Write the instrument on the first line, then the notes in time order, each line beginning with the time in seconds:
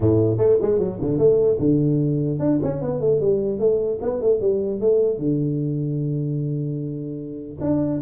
tuba
0.00 A2
0.37 A3
0.61 G#3
0.78 F#3
1.01 D3
1.18 A3
1.59 D3
2.39 D4
2.63 C#4
2.81 B3
3.00 A3
3.20 G3
3.59 A3
4.01 B3
4.21 A3
4.41 G3
4.80 A3
5.18 D3
7.60 D4